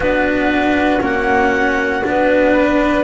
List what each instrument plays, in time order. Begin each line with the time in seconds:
0.00 double bass B3, cello D4, flute F#4, clarinet B4
1.00 double bass A#3, cello C#4, clarinet F#5
2.03 double bass B3, cello D4, clarinet B4
2.53 flute B4